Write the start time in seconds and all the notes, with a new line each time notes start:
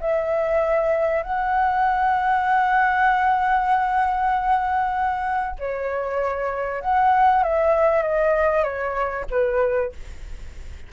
0.00 E5
1.23 F#5
5.59 C#5
6.81 F#5
7.43 E5
8.02 D#5
8.63 C#5
9.30 B4